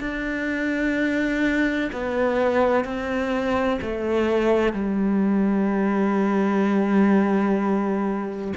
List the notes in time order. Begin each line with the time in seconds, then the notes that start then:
0.00 D4
1.93 B3
2.85 C4
3.82 A3
4.73 G3